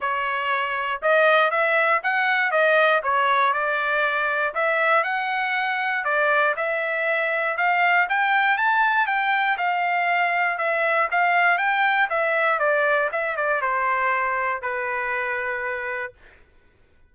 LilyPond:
\new Staff \with { instrumentName = "trumpet" } { \time 4/4 \tempo 4 = 119 cis''2 dis''4 e''4 | fis''4 dis''4 cis''4 d''4~ | d''4 e''4 fis''2 | d''4 e''2 f''4 |
g''4 a''4 g''4 f''4~ | f''4 e''4 f''4 g''4 | e''4 d''4 e''8 d''8 c''4~ | c''4 b'2. | }